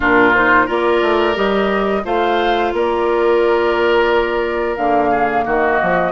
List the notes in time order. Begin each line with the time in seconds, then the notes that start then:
0.00 A#2 D4 F4 A#4
0.34 D#4 C5
0.66 A#3 F4 A#4 D5
1.02 A3
1.34 G3 G4 D#5
2.04 A3 F4 C5 F5
2.72 A#3 A#4 D5
4.76 D3 A#3 F5
5.10 G#4
5.45 D#3 F#4 D#5
5.82 F3